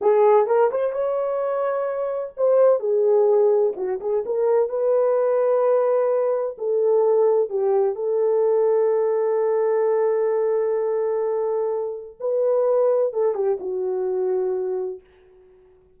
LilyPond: \new Staff \with { instrumentName = "horn" } { \time 4/4 \tempo 4 = 128 gis'4 ais'8 c''8 cis''2~ | cis''4 c''4 gis'2 | fis'8 gis'8 ais'4 b'2~ | b'2 a'2 |
g'4 a'2.~ | a'1~ | a'2 b'2 | a'8 g'8 fis'2. | }